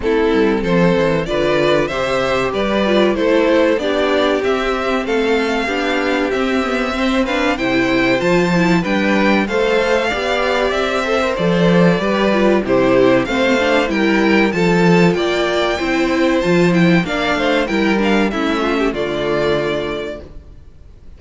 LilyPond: <<
  \new Staff \with { instrumentName = "violin" } { \time 4/4 \tempo 4 = 95 a'4 c''4 d''4 e''4 | d''4 c''4 d''4 e''4 | f''2 e''4. f''8 | g''4 a''4 g''4 f''4~ |
f''4 e''4 d''2 | c''4 f''4 g''4 a''4 | g''2 a''8 g''8 f''4 | g''8 f''8 e''4 d''2 | }
  \new Staff \with { instrumentName = "violin" } { \time 4/4 e'4 a'4 b'4 c''4 | b'4 a'4 g'2 | a'4 g'2 c''8 b'8 | c''2 b'4 c''4 |
d''4. c''4. b'4 | g'4 c''4 ais'4 a'4 | d''4 c''2 d''8 c''8 | ais'4 e'8 f'16 g'16 f'2 | }
  \new Staff \with { instrumentName = "viola" } { \time 4/4 c'2 f'4 g'4~ | g'8 f'8 e'4 d'4 c'4~ | c'4 d'4 c'8 b8 c'8 d'8 | e'4 f'8 e'8 d'4 a'4 |
g'4. a'16 ais'16 a'4 g'8 f'8 | e'4 c'8 d'8 e'4 f'4~ | f'4 e'4 f'8 e'8 d'4 | e'8 d'8 cis'4 a2 | }
  \new Staff \with { instrumentName = "cello" } { \time 4/4 a8 g8 f8 e8 d4 c4 | g4 a4 b4 c'4 | a4 b4 c'2 | c4 f4 g4 a4 |
b4 c'4 f4 g4 | c4 a4 g4 f4 | ais4 c'4 f4 ais8 a8 | g4 a4 d2 | }
>>